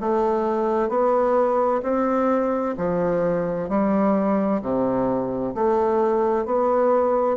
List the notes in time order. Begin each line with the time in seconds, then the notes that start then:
0.00 A3
0.89 B3
1.83 C4
2.77 F3
3.69 G3
4.62 C3
5.54 A3
6.45 B3